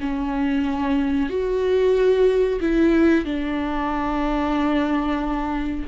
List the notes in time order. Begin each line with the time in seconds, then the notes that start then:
0.00 C#4
1.30 F#4
2.61 E4
3.25 D4